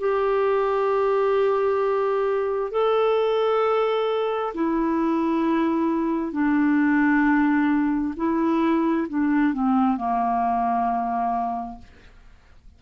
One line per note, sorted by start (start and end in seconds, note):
0.00 2.72 G4
2.72 4.54 A4
4.55 6.33 E4
6.33 8.14 D4
8.17 9.08 E4
9.09 9.54 D4
9.54 9.98 C4
9.98 11.79 A#3